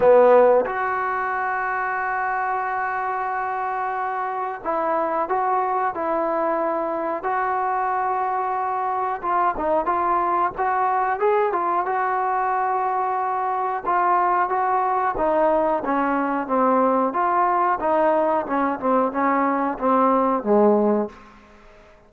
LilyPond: \new Staff \with { instrumentName = "trombone" } { \time 4/4 \tempo 4 = 91 b4 fis'2.~ | fis'2. e'4 | fis'4 e'2 fis'4~ | fis'2 f'8 dis'8 f'4 |
fis'4 gis'8 f'8 fis'2~ | fis'4 f'4 fis'4 dis'4 | cis'4 c'4 f'4 dis'4 | cis'8 c'8 cis'4 c'4 gis4 | }